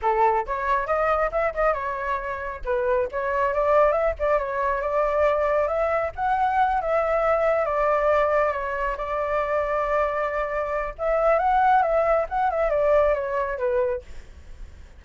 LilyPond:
\new Staff \with { instrumentName = "flute" } { \time 4/4 \tempo 4 = 137 a'4 cis''4 dis''4 e''8 dis''8 | cis''2 b'4 cis''4 | d''4 e''8 d''8 cis''4 d''4~ | d''4 e''4 fis''4. e''8~ |
e''4. d''2 cis''8~ | cis''8 d''2.~ d''8~ | d''4 e''4 fis''4 e''4 | fis''8 e''8 d''4 cis''4 b'4 | }